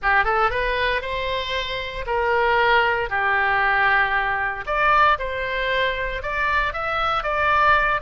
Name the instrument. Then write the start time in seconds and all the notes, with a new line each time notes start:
oboe
0.02 G4
0.24 A4
0.50 B4
1.01 C5
2.06 A#4
3.09 G4
4.66 D5
5.18 C5
6.22 D5
6.73 E5
7.23 D5